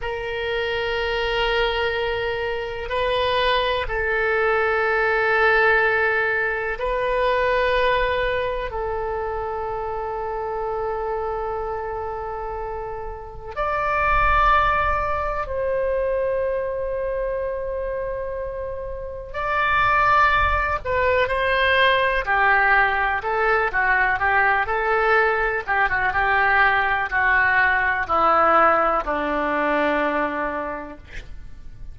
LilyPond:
\new Staff \with { instrumentName = "oboe" } { \time 4/4 \tempo 4 = 62 ais'2. b'4 | a'2. b'4~ | b'4 a'2.~ | a'2 d''2 |
c''1 | d''4. b'8 c''4 g'4 | a'8 fis'8 g'8 a'4 g'16 fis'16 g'4 | fis'4 e'4 d'2 | }